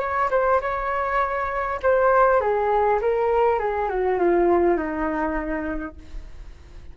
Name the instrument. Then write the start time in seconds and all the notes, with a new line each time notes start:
flute
0.00 C#5
0.31 C5
0.62 C#5
1.83 C5
2.41 G#4
3.02 A#4
3.59 G#4
3.89 F#4
4.19 F4
4.77 D#4